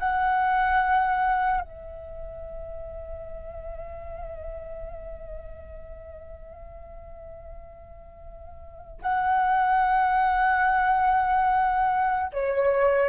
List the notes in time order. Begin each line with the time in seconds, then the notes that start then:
0.00 F#5
1.61 E5
9.03 F#5
12.33 C#5